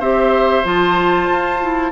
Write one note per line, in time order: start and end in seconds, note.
0.00 0.64 C4
0.00 0.64 G4
0.00 1.91 C5
0.00 0.66 E5
0.64 1.29 F3
0.64 1.60 F4
0.64 1.92 A5
1.30 1.92 F4
1.61 1.92 E4